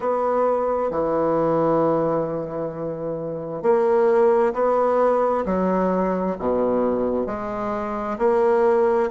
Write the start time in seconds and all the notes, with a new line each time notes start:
0.00 B3
0.90 E3
3.62 A#3
4.53 B3
5.45 F#3
6.39 B2
7.26 G#3
8.18 A#3